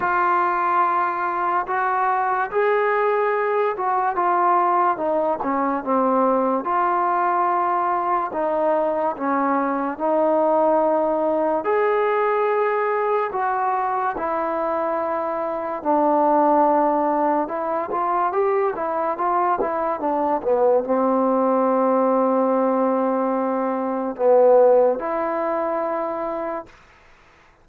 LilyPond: \new Staff \with { instrumentName = "trombone" } { \time 4/4 \tempo 4 = 72 f'2 fis'4 gis'4~ | gis'8 fis'8 f'4 dis'8 cis'8 c'4 | f'2 dis'4 cis'4 | dis'2 gis'2 |
fis'4 e'2 d'4~ | d'4 e'8 f'8 g'8 e'8 f'8 e'8 | d'8 b8 c'2.~ | c'4 b4 e'2 | }